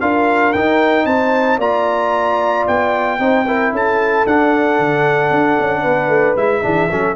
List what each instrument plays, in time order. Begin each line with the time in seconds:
0.00 tuba D4, trombone F4, horn A#4, trumpet F5
0.53 tuba D#4, trombone D#4, trumpet G5
1.05 tuba C4, horn C5, trumpet A5
1.57 tuba A#3, trombone F4, horn D5, trumpet A#5
2.67 tuba B3, trumpet G5
3.19 tuba C4, trombone D#4, horn C5
3.46 trombone E4, horn A#4
3.71 tuba C#4, horn A4, trumpet A5
4.26 tuba D4, trombone D4, trumpet F#5
4.79 tuba D3
5.30 tuba D4
5.59 tuba C#4
5.82 tuba B3, horn B4
6.08 tuba A3
6.36 tuba G#3, trombone E4, trumpet E5
6.62 tuba E3, trombone D4, horn G#4
6.90 tuba F#3, trombone C#4, horn A4